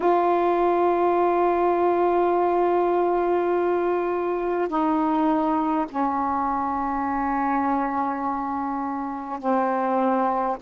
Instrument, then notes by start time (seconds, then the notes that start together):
saxophone
0.00 F4
4.68 D#4
5.89 C#4
9.39 C4